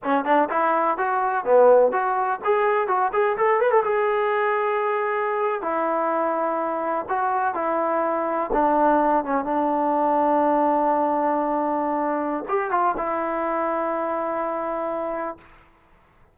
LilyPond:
\new Staff \with { instrumentName = "trombone" } { \time 4/4 \tempo 4 = 125 cis'8 d'8 e'4 fis'4 b4 | fis'4 gis'4 fis'8 gis'8 a'8 b'16 a'16 | gis'2.~ gis'8. e'16~ | e'2~ e'8. fis'4 e'16~ |
e'4.~ e'16 d'4. cis'8 d'16~ | d'1~ | d'2 g'8 f'8 e'4~ | e'1 | }